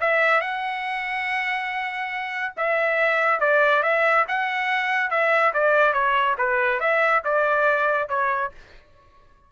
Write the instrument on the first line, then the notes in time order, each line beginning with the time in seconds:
trumpet
0.00 E5
0.41 F#5
2.56 E5
3.40 D5
3.82 E5
4.27 F#5
5.10 E5
5.53 D5
5.93 C#5
6.38 B4
6.79 E5
7.24 D5
8.09 C#5